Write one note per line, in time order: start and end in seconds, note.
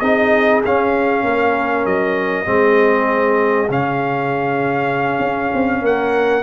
0.00 0.63 C4
0.00 0.63 D#4
0.00 1.24 G#4
0.00 0.61 D#5
0.65 1.24 C#4
0.65 2.45 C#4
0.65 1.86 F5
1.24 1.85 A#3
1.24 2.48 A#4
1.85 2.47 F#3
1.85 3.69 D#5
2.45 3.69 G#3
2.45 3.68 C4
2.45 5.83 G#4
3.69 5.19 C#3
3.69 6.43 C#4
3.69 5.86 F5
5.19 5.50 C#4
5.54 5.82 C4
5.82 6.43 A#3
5.82 6.43 A#4
5.82 6.43 F#5